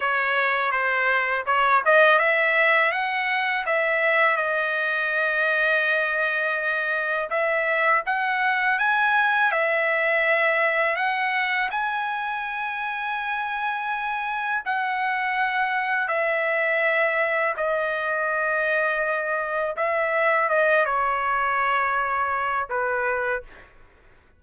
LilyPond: \new Staff \with { instrumentName = "trumpet" } { \time 4/4 \tempo 4 = 82 cis''4 c''4 cis''8 dis''8 e''4 | fis''4 e''4 dis''2~ | dis''2 e''4 fis''4 | gis''4 e''2 fis''4 |
gis''1 | fis''2 e''2 | dis''2. e''4 | dis''8 cis''2~ cis''8 b'4 | }